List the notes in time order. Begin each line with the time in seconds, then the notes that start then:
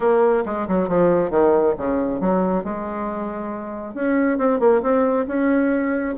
0.00 A#3
0.45 G#3
0.67 F#3
0.88 F3
1.30 D#3
1.77 C#3
2.20 F#3
2.64 G#3
3.94 C#4
4.38 C4
4.59 A#3
4.82 C4
5.27 C#4